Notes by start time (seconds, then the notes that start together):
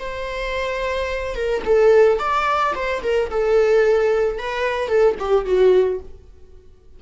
0.00 C5
1.35 A#4
1.65 A4
2.19 D5
2.75 C5
3.03 A#4
3.30 A4
4.39 B4
4.88 A4
5.19 G4
5.46 F#4